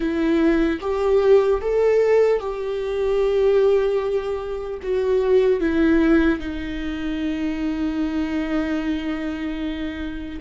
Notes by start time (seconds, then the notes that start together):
0.00 E4
0.80 G4
1.61 A4
2.40 G4
4.82 F#4
5.60 E4
6.39 D#4